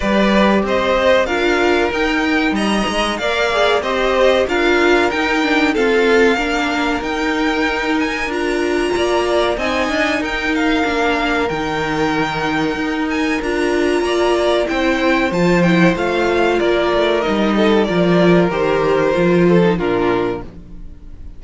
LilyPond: <<
  \new Staff \with { instrumentName = "violin" } { \time 4/4 \tempo 4 = 94 d''4 dis''4 f''4 g''4 | ais''4 f''4 dis''4 f''4 | g''4 f''2 g''4~ | g''8 gis''8 ais''2 gis''4 |
g''8 f''4. g''2~ | g''8 gis''8 ais''2 g''4 | a''8 g''8 f''4 d''4 dis''4 | d''4 c''2 ais'4 | }
  \new Staff \with { instrumentName = "violin" } { \time 4/4 b'4 c''4 ais'2 | dis''4 d''4 c''4 ais'4~ | ais'4 a'4 ais'2~ | ais'2 d''4 dis''4 |
ais'1~ | ais'2 d''4 c''4~ | c''2 ais'4. a'8 | ais'2~ ais'8 a'8 f'4 | }
  \new Staff \with { instrumentName = "viola" } { \time 4/4 g'2 f'4 dis'4~ | dis'4 ais'8 gis'8 g'4 f'4 | dis'8 d'8 c'4 d'4 dis'4~ | dis'4 f'2 dis'4~ |
dis'4 d'4 dis'2~ | dis'4 f'2 e'4 | f'8 e'8 f'2 dis'4 | f'4 g'4 f'8. dis'16 d'4 | }
  \new Staff \with { instrumentName = "cello" } { \time 4/4 g4 c'4 d'4 dis'4 | g8 gis8 ais4 c'4 d'4 | dis'4 f'4 ais4 dis'4~ | dis'4 d'4 ais4 c'8 d'8 |
dis'4 ais4 dis2 | dis'4 d'4 ais4 c'4 | f4 a4 ais8 a8 g4 | f4 dis4 f4 ais,4 | }
>>